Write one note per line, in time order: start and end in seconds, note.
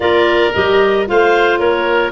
0.00 0.51 A#3
0.00 0.51 F4
0.00 1.08 A#4
0.00 0.54 D5
0.54 1.09 G3
0.54 1.05 G4
0.54 1.07 D#5
1.05 1.58 A3
1.05 2.12 F4
1.05 1.59 C5
1.05 1.59 F5
1.58 2.12 A#3
1.58 2.12 A#4
1.58 2.12 C#5